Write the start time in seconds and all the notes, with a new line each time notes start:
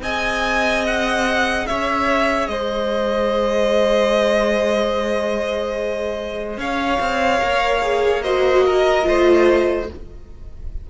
0.00 C4 G#4 D#5 G#5
0.87 F#5
1.66 C#4 C#5 E5
2.48 G#3 C5 D#5
6.57 C#4 C#5 F5
7.00 C4
7.40 A#3 A#4
7.82 G#4
8.22 F#4 C5 D#5
8.66 A#4
9.03 A3 F4 C5